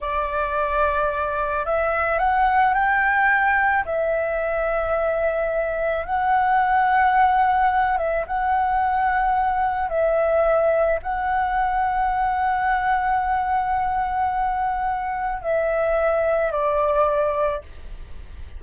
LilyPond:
\new Staff \with { instrumentName = "flute" } { \time 4/4 \tempo 4 = 109 d''2. e''4 | fis''4 g''2 e''4~ | e''2. fis''4~ | fis''2~ fis''8 e''8 fis''4~ |
fis''2 e''2 | fis''1~ | fis''1 | e''2 d''2 | }